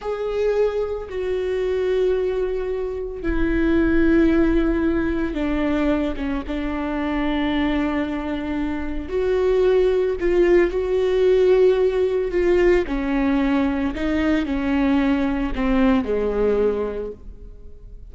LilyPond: \new Staff \with { instrumentName = "viola" } { \time 4/4 \tempo 4 = 112 gis'2 fis'2~ | fis'2 e'2~ | e'2 d'4. cis'8 | d'1~ |
d'4 fis'2 f'4 | fis'2. f'4 | cis'2 dis'4 cis'4~ | cis'4 c'4 gis2 | }